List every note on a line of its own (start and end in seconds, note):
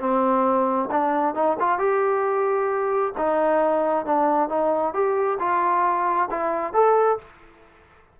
0.00 0.90 C4
0.91 1.35 D4
1.35 1.57 D#4
1.59 1.79 F4
1.79 3.13 G4
3.17 4.05 D#4
4.05 4.49 D4
4.49 4.94 D#4
4.94 5.38 G4
5.39 6.29 F4
6.31 6.73 E4
6.73 7.18 A4